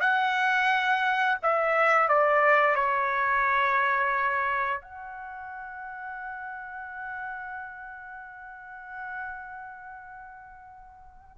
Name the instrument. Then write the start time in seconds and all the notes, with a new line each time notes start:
trumpet
0.00 F#5
1.42 E5
2.08 D5
2.75 C#5
4.81 F#5